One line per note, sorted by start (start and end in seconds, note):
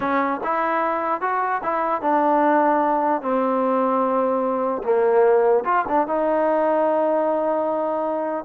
0.00 0.40 C#4
0.43 1.21 E4
1.21 1.61 F#4
1.63 2.01 E4
2.01 3.21 D4
3.21 4.82 C4
4.83 5.64 A#3
5.64 5.85 F4
5.88 6.07 D4
6.07 8.45 D#4